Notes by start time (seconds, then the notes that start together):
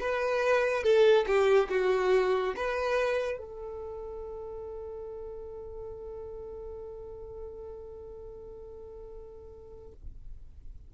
0.00 B4
0.83 A4
1.26 G4
1.69 F#4
2.56 B4
3.38 A4